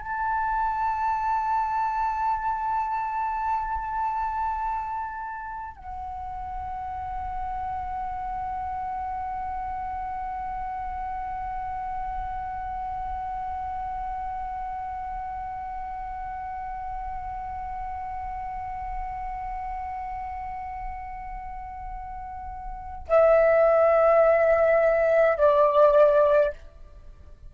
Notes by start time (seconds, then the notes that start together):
0.00 A5
5.76 F#5
23.08 E5
25.37 D5